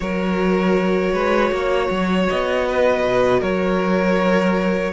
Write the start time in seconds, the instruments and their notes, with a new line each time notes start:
0.00 cello F#3, viola F#4, violin A#4 C#5
1.13 cello G#3, violin B4
1.51 cello A#3, violin C#5
1.90 cello F#3
2.29 cello B3, violin D#5
2.68 violin B4
3.03 cello B2
3.40 cello F#3, violin A#4 C#5